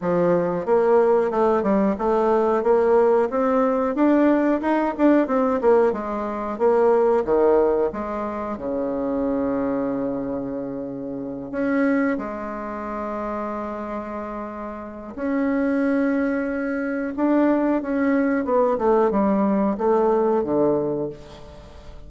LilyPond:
\new Staff \with { instrumentName = "bassoon" } { \time 4/4 \tempo 4 = 91 f4 ais4 a8 g8 a4 | ais4 c'4 d'4 dis'8 d'8 | c'8 ais8 gis4 ais4 dis4 | gis4 cis2.~ |
cis4. cis'4 gis4.~ | gis2. cis'4~ | cis'2 d'4 cis'4 | b8 a8 g4 a4 d4 | }